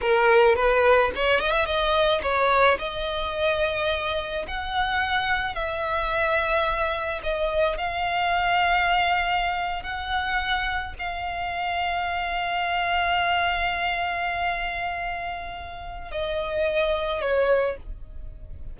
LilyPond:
\new Staff \with { instrumentName = "violin" } { \time 4/4 \tempo 4 = 108 ais'4 b'4 cis''8 dis''16 e''16 dis''4 | cis''4 dis''2. | fis''2 e''2~ | e''4 dis''4 f''2~ |
f''4.~ f''16 fis''2 f''16~ | f''1~ | f''1~ | f''4 dis''2 cis''4 | }